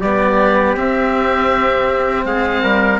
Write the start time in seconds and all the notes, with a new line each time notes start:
0.00 G3 B3 G4 D5
0.75 C4 E5
2.24 G#3 G#4 F5
2.62 G3 A#4